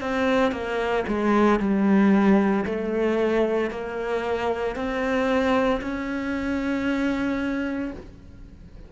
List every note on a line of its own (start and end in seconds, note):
0.00 0.51 C4
0.51 1.04 A#3
1.07 1.59 G#3
1.59 2.64 G3
2.65 3.70 A3
3.70 4.75 A#3
4.75 5.80 C4
5.81 7.91 C#4